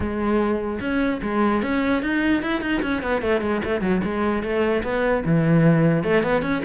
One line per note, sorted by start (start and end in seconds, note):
0.00 0.79 G#3
0.80 1.20 C#4
1.22 1.62 G#3
1.62 2.02 C#4
2.02 2.42 D#4
2.42 2.61 E4
2.61 2.81 D#4
2.82 3.02 C#4
3.02 3.21 B3
3.21 3.41 A3
3.41 3.61 G#3
3.64 3.81 A3
3.81 4.01 F#3
4.03 4.42 G#3
4.42 4.82 A3
4.83 5.23 B3
5.25 6.03 E3
6.03 6.23 A3
6.23 6.42 B3
6.42 6.62 C#4